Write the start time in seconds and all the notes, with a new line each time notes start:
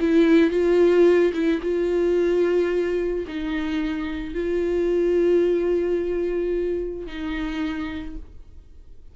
0.00 E4
0.50 F4
1.33 E4
1.62 F4
3.28 D#4
4.34 F4
7.07 D#4